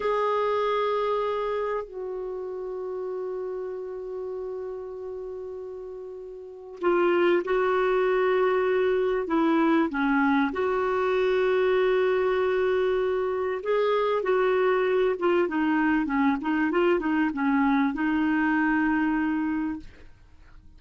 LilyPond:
\new Staff \with { instrumentName = "clarinet" } { \time 4/4 \tempo 4 = 97 gis'2. fis'4~ | fis'1~ | fis'2. f'4 | fis'2. e'4 |
cis'4 fis'2.~ | fis'2 gis'4 fis'4~ | fis'8 f'8 dis'4 cis'8 dis'8 f'8 dis'8 | cis'4 dis'2. | }